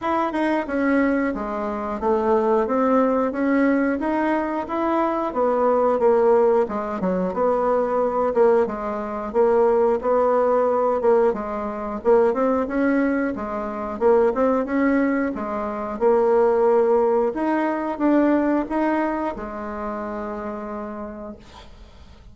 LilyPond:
\new Staff \with { instrumentName = "bassoon" } { \time 4/4 \tempo 4 = 90 e'8 dis'8 cis'4 gis4 a4 | c'4 cis'4 dis'4 e'4 | b4 ais4 gis8 fis8 b4~ | b8 ais8 gis4 ais4 b4~ |
b8 ais8 gis4 ais8 c'8 cis'4 | gis4 ais8 c'8 cis'4 gis4 | ais2 dis'4 d'4 | dis'4 gis2. | }